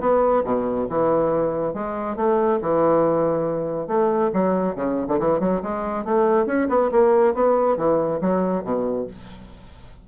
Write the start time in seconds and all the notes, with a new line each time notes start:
0.00 B3
0.44 B2
0.89 E3
1.74 G#3
2.16 A3
2.62 E3
3.87 A3
4.33 F#3
4.75 C#3
5.08 D3
5.19 E3
5.40 F#3
5.62 G#3
6.04 A3
6.46 C#4
6.69 B3
6.91 A#3
7.34 B3
7.77 E3
8.21 F#3
8.64 B2